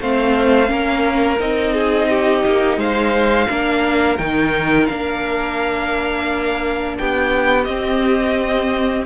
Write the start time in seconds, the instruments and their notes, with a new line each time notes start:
0.00 cello A3, viola C4, violin C5 F5
0.66 cello A#3, viola C#4, violin A#4
1.39 cello C4, viola D#4, violin D#5
1.73 violin G#4
2.09 violin G4
2.45 cello A#3
2.76 cello G#3, violin C5 F5
3.48 cello A#3, viola D4, violin A#4
4.17 cello D#3, viola D#4, violin G5
4.86 cello A#3, viola D4, violin F5
6.98 cello B3, violin G4 G5
7.64 cello C4, viola C4, violin D#5